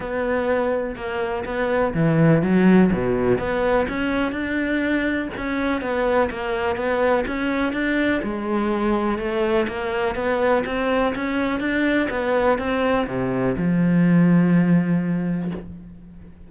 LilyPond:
\new Staff \with { instrumentName = "cello" } { \time 4/4 \tempo 4 = 124 b2 ais4 b4 | e4 fis4 b,4 b4 | cis'4 d'2 cis'4 | b4 ais4 b4 cis'4 |
d'4 gis2 a4 | ais4 b4 c'4 cis'4 | d'4 b4 c'4 c4 | f1 | }